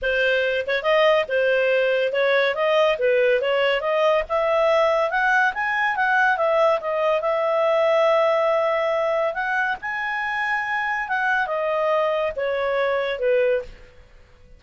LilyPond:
\new Staff \with { instrumentName = "clarinet" } { \time 4/4 \tempo 4 = 141 c''4. cis''8 dis''4 c''4~ | c''4 cis''4 dis''4 b'4 | cis''4 dis''4 e''2 | fis''4 gis''4 fis''4 e''4 |
dis''4 e''2.~ | e''2 fis''4 gis''4~ | gis''2 fis''4 dis''4~ | dis''4 cis''2 b'4 | }